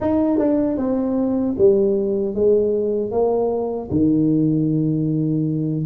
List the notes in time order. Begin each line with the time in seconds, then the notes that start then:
0.00 D#4
0.38 D4
0.77 C4
1.58 G3
2.34 G#3
3.11 A#3
3.90 D#3